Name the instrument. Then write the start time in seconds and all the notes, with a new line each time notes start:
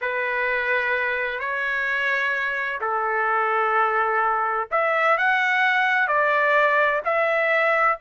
trumpet
0.01 B4
1.39 C#5
2.80 A4
4.71 E5
5.17 F#5
6.07 D5
7.04 E5